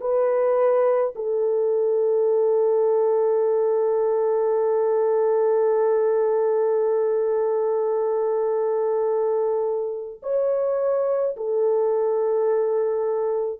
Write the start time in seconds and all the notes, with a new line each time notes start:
0.00 B4
1.15 A4
10.22 C#5
11.37 A4